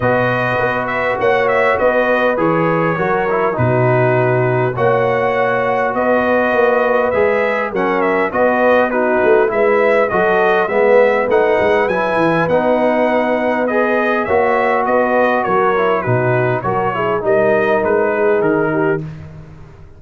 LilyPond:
<<
  \new Staff \with { instrumentName = "trumpet" } { \time 4/4 \tempo 4 = 101 dis''4. e''8 fis''8 e''8 dis''4 | cis''2 b'2 | fis''2 dis''2 | e''4 fis''8 e''8 dis''4 b'4 |
e''4 dis''4 e''4 fis''4 | gis''4 fis''2 dis''4 | e''4 dis''4 cis''4 b'4 | cis''4 dis''4 b'4 ais'4 | }
  \new Staff \with { instrumentName = "horn" } { \time 4/4 b'2 cis''4 b'4~ | b'4 ais'4 fis'2 | cis''2 b'2~ | b'4 ais'4 b'4 fis'4 |
b'4 a'4 b'2~ | b'1 | cis''4 b'4 ais'4 fis'4 | ais'8 gis'8 ais'4. gis'4 g'8 | }
  \new Staff \with { instrumentName = "trombone" } { \time 4/4 fis'1 | gis'4 fis'8 e'8 dis'2 | fis'1 | gis'4 cis'4 fis'4 dis'4 |
e'4 fis'4 b4 dis'4 | e'4 dis'2 gis'4 | fis'2~ fis'8 e'8 dis'4 | fis'8 e'8 dis'2. | }
  \new Staff \with { instrumentName = "tuba" } { \time 4/4 b,4 b4 ais4 b4 | e4 fis4 b,2 | ais2 b4 ais4 | gis4 fis4 b4. a8 |
gis4 fis4 gis4 a8 gis8 | fis8 e8 b2. | ais4 b4 fis4 b,4 | fis4 g4 gis4 dis4 | }
>>